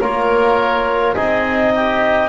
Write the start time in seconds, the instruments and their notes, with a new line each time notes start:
0.00 double bass A#3, trombone F4, oboe A#4, clarinet C#5
1.15 double bass C4, trombone D#4, oboe G#4, clarinet D#5
1.75 oboe G4